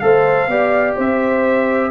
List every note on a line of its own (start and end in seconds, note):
0.00 0.48 A3
0.00 0.49 A4
0.00 0.50 C5
0.00 0.94 F5
0.48 0.95 B3
0.48 1.92 G4
0.48 0.96 D5
0.96 1.92 C4
0.96 1.91 C5
0.96 1.92 E5